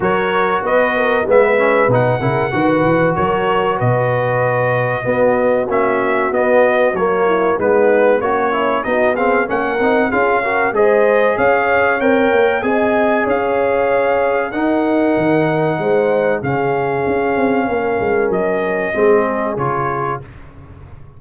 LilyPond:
<<
  \new Staff \with { instrumentName = "trumpet" } { \time 4/4 \tempo 4 = 95 cis''4 dis''4 e''4 fis''4~ | fis''4 cis''4 dis''2~ | dis''4 e''4 dis''4 cis''4 | b'4 cis''4 dis''8 f''8 fis''4 |
f''4 dis''4 f''4 g''4 | gis''4 f''2 fis''4~ | fis''2 f''2~ | f''4 dis''2 cis''4 | }
  \new Staff \with { instrumentName = "horn" } { \time 4/4 ais'4 b'8 ais'8 b'4. ais'8 | b'4 ais'4 b'2 | fis'2.~ fis'8 e'8 | dis'4 cis'4 fis'8 gis'8 ais'4 |
gis'8 ais'8 c''4 cis''2 | dis''4 cis''2 ais'4~ | ais'4 c''4 gis'2 | ais'2 gis'2 | }
  \new Staff \with { instrumentName = "trombone" } { \time 4/4 fis'2 b8 cis'8 dis'8 e'8 | fis'1 | b4 cis'4 b4 ais4 | b4 fis'8 e'8 dis'8 c'8 cis'8 dis'8 |
f'8 fis'8 gis'2 ais'4 | gis'2. dis'4~ | dis'2 cis'2~ | cis'2 c'4 f'4 | }
  \new Staff \with { instrumentName = "tuba" } { \time 4/4 fis4 b4 gis4 b,8 cis8 | dis8 e8 fis4 b,2 | b4 ais4 b4 fis4 | gis4 ais4 b4 ais8 c'8 |
cis'4 gis4 cis'4 c'8 ais8 | c'4 cis'2 dis'4 | dis4 gis4 cis4 cis'8 c'8 | ais8 gis8 fis4 gis4 cis4 | }
>>